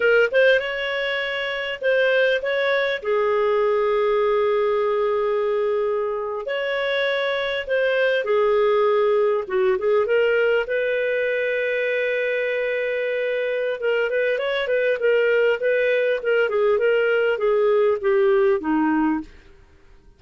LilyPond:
\new Staff \with { instrumentName = "clarinet" } { \time 4/4 \tempo 4 = 100 ais'8 c''8 cis''2 c''4 | cis''4 gis'2.~ | gis'2~ gis'8. cis''4~ cis''16~ | cis''8. c''4 gis'2 fis'16~ |
fis'16 gis'8 ais'4 b'2~ b'16~ | b'2. ais'8 b'8 | cis''8 b'8 ais'4 b'4 ais'8 gis'8 | ais'4 gis'4 g'4 dis'4 | }